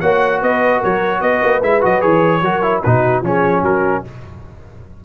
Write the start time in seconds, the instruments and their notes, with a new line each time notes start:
0.00 tuba A#3, trombone F#4, horn C#5, trumpet F#5
0.41 tuba B3, horn B4, trumpet D#5
0.78 tuba F#3, horn A#4, trumpet C#5
1.20 tuba B3, horn B4, trumpet D#5
1.42 tuba A#3
1.62 tuba G#3, trombone E4, trumpet E5
1.81 tuba F#3, trombone F#4, trumpet D#5
2.00 tuba E3, trombone G#4, trumpet C#5
2.41 tuba F#3, trombone F#4, horn A#4
2.62 trombone E4
2.83 tuba B2, trombone D#4, horn F#4, trumpet B4
3.21 tuba F3, trombone C#4, horn G#4, trumpet C#5
3.62 tuba F#3, horn F#4, trumpet A#4